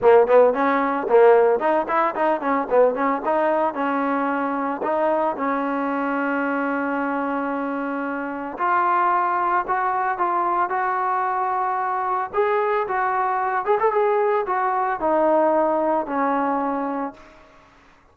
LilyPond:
\new Staff \with { instrumentName = "trombone" } { \time 4/4 \tempo 4 = 112 ais8 b8 cis'4 ais4 dis'8 e'8 | dis'8 cis'8 b8 cis'8 dis'4 cis'4~ | cis'4 dis'4 cis'2~ | cis'1 |
f'2 fis'4 f'4 | fis'2. gis'4 | fis'4. gis'16 a'16 gis'4 fis'4 | dis'2 cis'2 | }